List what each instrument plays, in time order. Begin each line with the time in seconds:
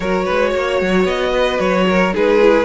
0.00 cello F#3, viola F#4, violin A#4 C#5
0.25 cello G#3, violin B4
0.49 cello A#3, violin C#5
0.81 cello F#3
1.04 cello B3, violin D#5
1.31 violin B4
1.59 cello F#3, violin C#5
1.87 violin A#4
2.13 cello G#3, viola D#4, violin G#4 B4
2.41 viola E4